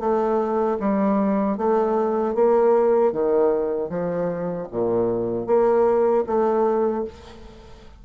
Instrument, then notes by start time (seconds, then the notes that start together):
bassoon
0.00 A3
0.80 G3
1.58 A3
2.35 A#3
3.12 D#3
3.90 F3
4.72 A#2
5.47 A#3
6.27 A3